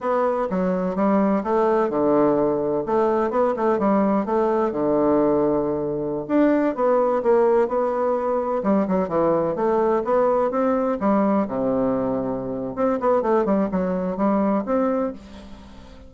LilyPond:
\new Staff \with { instrumentName = "bassoon" } { \time 4/4 \tempo 4 = 127 b4 fis4 g4 a4 | d2 a4 b8 a8 | g4 a4 d2~ | d4~ d16 d'4 b4 ais8.~ |
ais16 b2 g8 fis8 e8.~ | e16 a4 b4 c'4 g8.~ | g16 c2~ c8. c'8 b8 | a8 g8 fis4 g4 c'4 | }